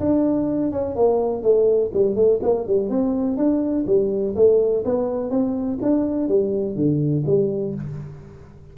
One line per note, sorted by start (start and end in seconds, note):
0.00 0.72 D4
0.72 0.96 C#4
0.96 1.43 A#3
1.43 1.91 A3
1.94 2.16 G3
2.16 2.40 A3
2.43 2.67 A#3
2.67 2.90 G3
2.90 3.37 C4
3.37 3.86 D4
3.87 4.35 G3
4.36 4.85 A3
4.85 5.31 B3
5.31 5.79 C4
5.82 6.28 D4
6.28 6.76 G3
6.76 7.24 D3
7.27 7.75 G3